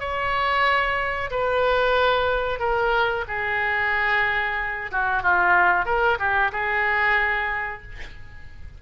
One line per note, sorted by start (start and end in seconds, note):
0.00 1.30 C#5
1.31 2.60 B4
2.60 3.25 A#4
3.28 4.91 G#4
4.92 5.23 F#4
5.23 5.86 F4
5.86 6.18 A#4
6.19 6.52 G4
6.52 7.83 G#4